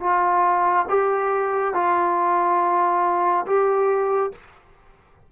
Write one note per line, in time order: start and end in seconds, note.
0.00 0.86 F4
0.89 1.74 G4
1.74 3.46 F4
3.46 4.32 G4